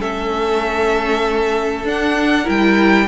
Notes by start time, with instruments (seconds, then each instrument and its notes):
0.00 cello A3, viola C#4, violin A4 E5
1.85 cello D4, viola D4, violin F#5
2.44 cello G3, viola E4, violin A#4 G5